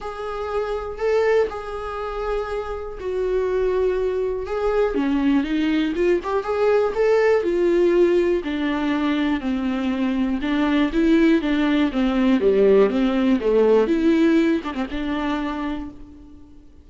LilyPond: \new Staff \with { instrumentName = "viola" } { \time 4/4 \tempo 4 = 121 gis'2 a'4 gis'4~ | gis'2 fis'2~ | fis'4 gis'4 cis'4 dis'4 | f'8 g'8 gis'4 a'4 f'4~ |
f'4 d'2 c'4~ | c'4 d'4 e'4 d'4 | c'4 g4 c'4 a4 | e'4. d'16 c'16 d'2 | }